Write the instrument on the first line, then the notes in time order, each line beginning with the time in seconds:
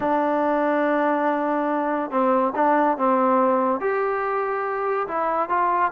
trombone
0.00 D4
2.10 C4
2.55 D4
2.97 C4
3.80 G4
5.07 E4
5.49 F4